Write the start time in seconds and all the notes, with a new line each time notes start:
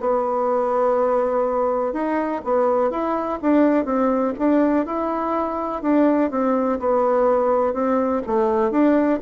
0.00 B3
1.93 D#4
2.44 B3
2.90 E4
3.42 D4
3.85 C4
4.38 D4
4.86 E4
5.82 D4
6.30 C4
6.79 B3
7.73 C4
8.26 A3
8.71 D4